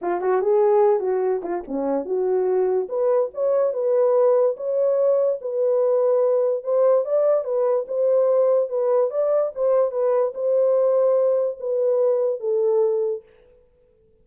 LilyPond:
\new Staff \with { instrumentName = "horn" } { \time 4/4 \tempo 4 = 145 f'8 fis'8 gis'4. fis'4 f'8 | cis'4 fis'2 b'4 | cis''4 b'2 cis''4~ | cis''4 b'2. |
c''4 d''4 b'4 c''4~ | c''4 b'4 d''4 c''4 | b'4 c''2. | b'2 a'2 | }